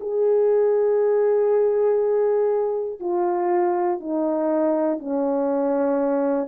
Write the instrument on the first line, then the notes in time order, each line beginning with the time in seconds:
horn
0.00 G#4
3.00 F4
4.00 D#4
4.99 C#4